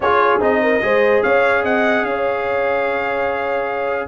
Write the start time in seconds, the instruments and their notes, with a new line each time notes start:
0.00 tuba C#4, trombone F4, horn G#4, trumpet C#5
0.40 tuba C4, trombone D#4, trumpet D#5
0.62 horn A#4
0.82 tuba G#3, trombone G#4, horn C5
1.23 tuba C#4, horn C#5, trumpet F5
1.63 tuba C4, horn D#5, trumpet F#5
2.02 tuba C#4, horn C#5, trumpet F5